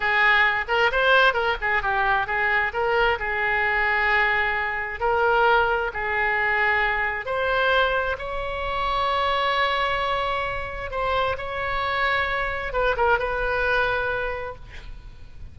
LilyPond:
\new Staff \with { instrumentName = "oboe" } { \time 4/4 \tempo 4 = 132 gis'4. ais'8 c''4 ais'8 gis'8 | g'4 gis'4 ais'4 gis'4~ | gis'2. ais'4~ | ais'4 gis'2. |
c''2 cis''2~ | cis''1 | c''4 cis''2. | b'8 ais'8 b'2. | }